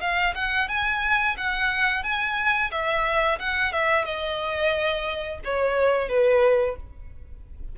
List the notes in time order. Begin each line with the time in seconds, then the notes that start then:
0.00 F5
0.34 F#5
0.68 G#5
1.37 F#5
2.03 G#5
2.71 E5
3.39 F#5
3.72 E5
4.04 D#5
5.44 C#5
6.08 B4